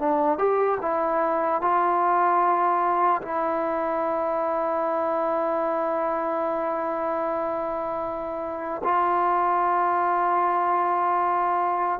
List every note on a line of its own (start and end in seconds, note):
0.00 0.39 D4
0.39 0.79 G4
0.82 1.62 E4
1.62 3.22 F4
3.22 8.82 E4
8.84 12.00 F4